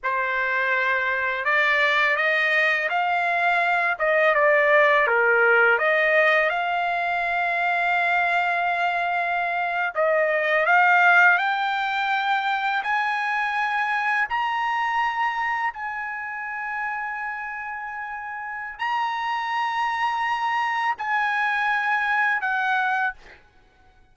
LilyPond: \new Staff \with { instrumentName = "trumpet" } { \time 4/4 \tempo 4 = 83 c''2 d''4 dis''4 | f''4. dis''8 d''4 ais'4 | dis''4 f''2.~ | f''4.~ f''16 dis''4 f''4 g''16~ |
g''4.~ g''16 gis''2 ais''16~ | ais''4.~ ais''16 gis''2~ gis''16~ | gis''2 ais''2~ | ais''4 gis''2 fis''4 | }